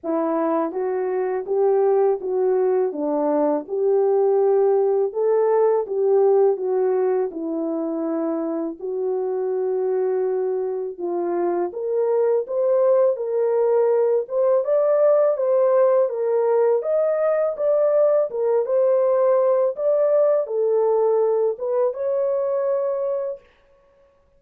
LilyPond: \new Staff \with { instrumentName = "horn" } { \time 4/4 \tempo 4 = 82 e'4 fis'4 g'4 fis'4 | d'4 g'2 a'4 | g'4 fis'4 e'2 | fis'2. f'4 |
ais'4 c''4 ais'4. c''8 | d''4 c''4 ais'4 dis''4 | d''4 ais'8 c''4. d''4 | a'4. b'8 cis''2 | }